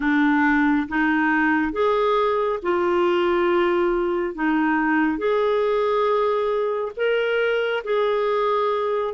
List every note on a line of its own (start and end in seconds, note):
0.00 0.87 D4
0.88 1.72 D#4
1.72 2.59 G#4
2.62 4.34 F4
4.34 5.17 D#4
5.17 6.91 G#4
6.96 7.83 A#4
7.83 9.14 G#4